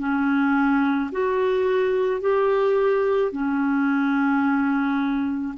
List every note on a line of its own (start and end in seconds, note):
0.00 1.11 C#4
1.12 2.21 F#4
2.21 3.32 G4
3.32 5.55 C#4